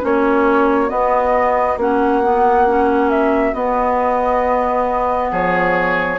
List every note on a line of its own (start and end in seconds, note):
0.00 0.90 A#3
0.00 0.88 C#4
0.00 5.31 F#4
0.00 0.89 C#5
0.88 1.76 B3
0.88 1.77 D#5
1.76 3.53 A#3
1.76 2.23 C#4
1.76 3.10 F#5
2.23 2.67 B3
2.67 3.54 C#4
3.10 3.53 E5
3.53 5.30 B3
3.53 6.18 B3
3.53 5.30 D#5
5.31 6.19 F3
5.31 6.19 G#4
5.31 6.19 C#5